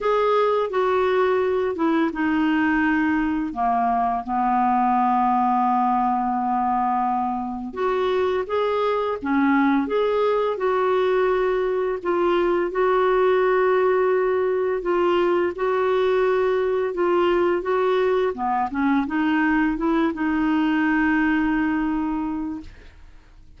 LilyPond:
\new Staff \with { instrumentName = "clarinet" } { \time 4/4 \tempo 4 = 85 gis'4 fis'4. e'8 dis'4~ | dis'4 ais4 b2~ | b2. fis'4 | gis'4 cis'4 gis'4 fis'4~ |
fis'4 f'4 fis'2~ | fis'4 f'4 fis'2 | f'4 fis'4 b8 cis'8 dis'4 | e'8 dis'2.~ dis'8 | }